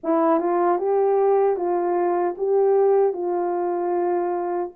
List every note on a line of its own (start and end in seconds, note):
0.03 0.39 E4
0.39 0.78 F4
0.78 1.56 G4
1.56 2.35 F4
2.37 3.13 G4
3.13 4.70 F4